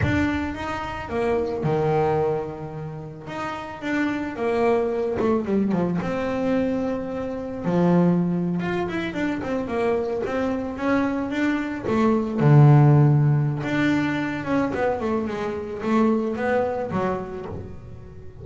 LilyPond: \new Staff \with { instrumentName = "double bass" } { \time 4/4 \tempo 4 = 110 d'4 dis'4 ais4 dis4~ | dis2 dis'4 d'4 | ais4. a8 g8 f8 c'4~ | c'2 f4.~ f16 f'16~ |
f'16 e'8 d'8 c'8 ais4 c'4 cis'16~ | cis'8. d'4 a4 d4~ d16~ | d4 d'4. cis'8 b8 a8 | gis4 a4 b4 fis4 | }